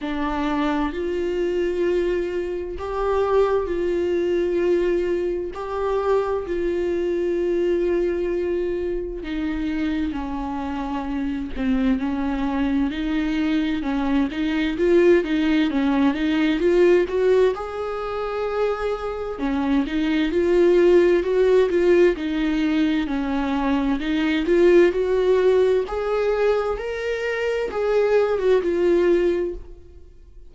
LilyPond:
\new Staff \with { instrumentName = "viola" } { \time 4/4 \tempo 4 = 65 d'4 f'2 g'4 | f'2 g'4 f'4~ | f'2 dis'4 cis'4~ | cis'8 c'8 cis'4 dis'4 cis'8 dis'8 |
f'8 dis'8 cis'8 dis'8 f'8 fis'8 gis'4~ | gis'4 cis'8 dis'8 f'4 fis'8 f'8 | dis'4 cis'4 dis'8 f'8 fis'4 | gis'4 ais'4 gis'8. fis'16 f'4 | }